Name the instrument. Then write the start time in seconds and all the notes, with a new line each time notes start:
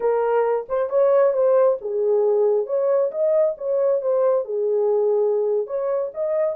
horn
0.00 A#4
0.68 C5
0.89 C#5
1.33 C5
1.81 G#4
2.66 C#5
3.11 D#5
3.57 C#5
4.01 C5
4.44 G#4
5.66 C#5
6.14 D#5